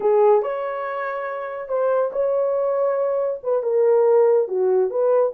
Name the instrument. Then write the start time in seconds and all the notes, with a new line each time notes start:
horn
0.00 G#4
0.42 C#5
1.68 C5
2.12 C#5
3.43 B4
3.62 A#4
4.48 F#4
4.90 B4